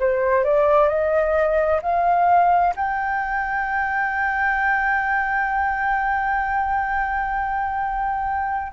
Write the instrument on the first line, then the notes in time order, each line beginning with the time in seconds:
flute
0.00 C5
0.44 D5
0.89 D#5
1.83 F5
2.76 G5